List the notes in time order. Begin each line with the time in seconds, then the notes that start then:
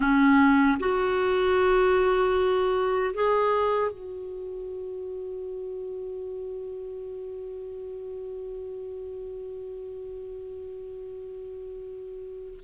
0.00 C#4
0.79 F#4
3.14 G#4
3.91 F#4